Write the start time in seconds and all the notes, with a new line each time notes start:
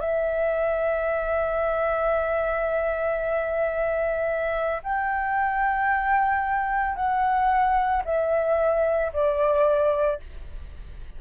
0.00 E5
4.83 G5
6.95 F#5
8.05 E5
9.13 D5